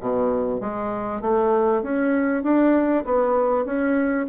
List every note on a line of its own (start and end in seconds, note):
0.00 0.60 B2
0.60 1.21 G#3
1.21 1.82 A3
1.82 2.43 C#4
2.43 3.04 D4
3.04 3.65 B3
3.65 4.26 C#4